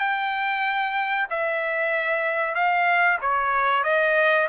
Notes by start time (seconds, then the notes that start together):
0.00 G5
1.31 E5
2.55 F5
3.22 C#5
3.84 D#5